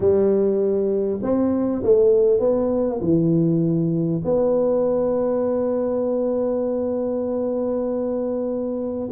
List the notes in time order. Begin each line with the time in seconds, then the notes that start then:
0.00 G3
1.22 C4
1.83 A3
2.39 B3
3.01 E3
4.24 B3